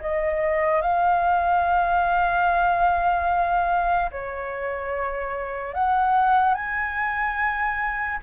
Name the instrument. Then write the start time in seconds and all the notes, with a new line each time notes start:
flute
0.00 D#5
0.81 F5
4.11 C#5
5.74 F#5
6.54 G#5